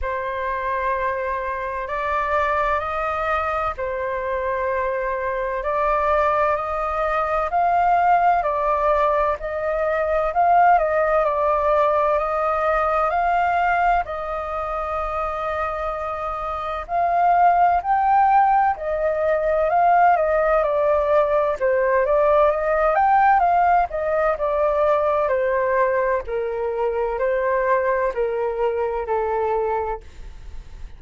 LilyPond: \new Staff \with { instrumentName = "flute" } { \time 4/4 \tempo 4 = 64 c''2 d''4 dis''4 | c''2 d''4 dis''4 | f''4 d''4 dis''4 f''8 dis''8 | d''4 dis''4 f''4 dis''4~ |
dis''2 f''4 g''4 | dis''4 f''8 dis''8 d''4 c''8 d''8 | dis''8 g''8 f''8 dis''8 d''4 c''4 | ais'4 c''4 ais'4 a'4 | }